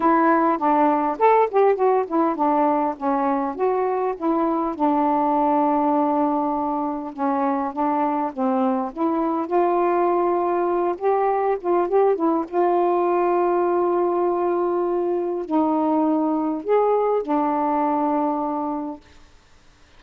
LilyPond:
\new Staff \with { instrumentName = "saxophone" } { \time 4/4 \tempo 4 = 101 e'4 d'4 a'8 g'8 fis'8 e'8 | d'4 cis'4 fis'4 e'4 | d'1 | cis'4 d'4 c'4 e'4 |
f'2~ f'8 g'4 f'8 | g'8 e'8 f'2.~ | f'2 dis'2 | gis'4 d'2. | }